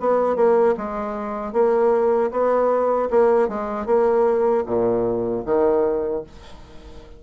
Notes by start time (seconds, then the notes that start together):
0.00 B3
0.36 A#3
0.77 G#3
1.53 A#3
2.31 B3
3.10 A#3
3.49 G#3
3.86 A#3
4.66 A#2
5.45 D#3